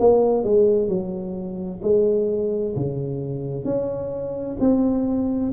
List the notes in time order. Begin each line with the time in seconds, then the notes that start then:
0.00 A#3
0.44 G#3
0.89 F#3
1.83 G#3
2.77 C#3
3.65 C#4
4.60 C4